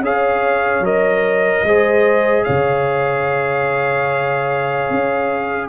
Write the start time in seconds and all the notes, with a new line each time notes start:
0.00 C#4 G#4 C#5 F5
0.80 F#3 A#4 D#5
1.64 G#3 G#4 C5
2.44 C#3 C#5 F5
4.90 C#4